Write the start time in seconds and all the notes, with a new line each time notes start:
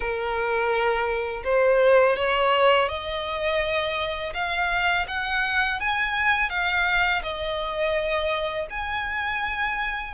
0.00 A#4
1.44 C5
2.16 C#5
2.88 D#5
4.34 F5
5.07 F#5
5.80 G#5
6.49 F5
7.22 D#5
8.69 G#5